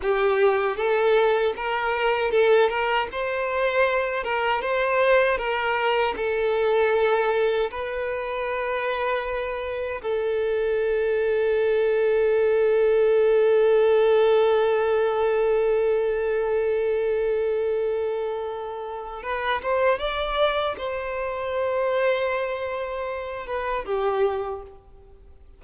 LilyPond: \new Staff \with { instrumentName = "violin" } { \time 4/4 \tempo 4 = 78 g'4 a'4 ais'4 a'8 ais'8 | c''4. ais'8 c''4 ais'4 | a'2 b'2~ | b'4 a'2.~ |
a'1~ | a'1~ | a'4 b'8 c''8 d''4 c''4~ | c''2~ c''8 b'8 g'4 | }